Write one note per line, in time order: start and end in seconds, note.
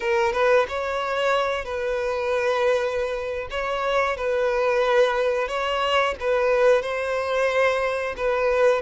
0.00 0.32 A#4
0.32 0.66 B4
0.68 1.65 C#5
1.65 3.48 B4
3.50 4.17 C#5
4.17 5.48 B4
5.48 6.15 C#5
6.19 6.82 B4
6.82 8.15 C5
8.16 8.82 B4